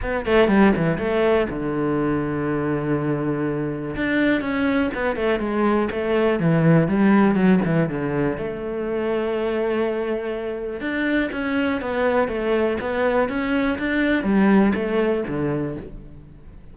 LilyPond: \new Staff \with { instrumentName = "cello" } { \time 4/4 \tempo 4 = 122 b8 a8 g8 e8 a4 d4~ | d1 | d'4 cis'4 b8 a8 gis4 | a4 e4 g4 fis8 e8 |
d4 a2.~ | a2 d'4 cis'4 | b4 a4 b4 cis'4 | d'4 g4 a4 d4 | }